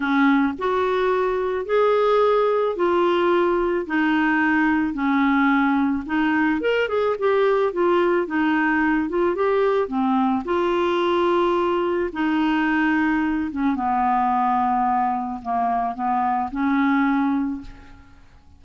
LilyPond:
\new Staff \with { instrumentName = "clarinet" } { \time 4/4 \tempo 4 = 109 cis'4 fis'2 gis'4~ | gis'4 f'2 dis'4~ | dis'4 cis'2 dis'4 | ais'8 gis'8 g'4 f'4 dis'4~ |
dis'8 f'8 g'4 c'4 f'4~ | f'2 dis'2~ | dis'8 cis'8 b2. | ais4 b4 cis'2 | }